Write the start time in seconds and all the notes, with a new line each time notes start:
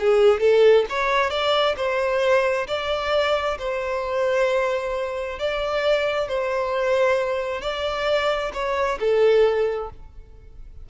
0.00 G#4
0.40 A4
0.90 C#5
1.31 D5
1.77 C5
2.68 D5
3.59 C5
5.39 D5
6.28 C5
7.62 D5
8.54 C#5
9.00 A4